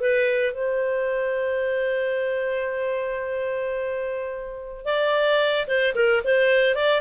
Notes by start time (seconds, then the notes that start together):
0.00 B4
0.53 C5
4.85 D5
5.67 C5
5.95 A#4
6.24 C5
6.75 D5